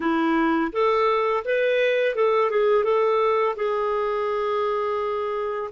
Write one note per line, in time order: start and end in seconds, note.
0.00 0.71 E4
0.72 1.43 A4
1.44 2.15 B4
2.15 2.50 A4
2.50 2.84 G#4
2.84 3.55 A4
3.56 5.70 G#4